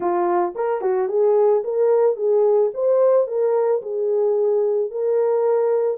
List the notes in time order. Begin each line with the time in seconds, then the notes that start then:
0.00 F4
0.55 A#4
0.81 F#4
1.08 G#4
1.64 A#4
2.16 G#4
2.73 C5
3.27 A#4
3.82 G#4
4.90 A#4